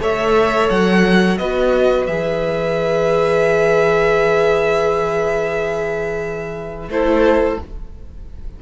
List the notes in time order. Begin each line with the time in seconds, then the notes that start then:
0.00 A3 A4 C#5 E5
0.69 F#3 F#5
1.38 B3 F#4 B4 D#5
2.06 E3 G#4 E5
6.88 A3 E4 A4 C5